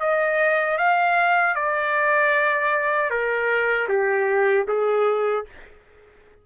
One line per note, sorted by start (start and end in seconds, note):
0.00 0.78 D#5
0.78 1.55 F5
1.55 3.10 D5
3.10 3.88 A#4
3.89 4.66 G4
4.68 5.45 G#4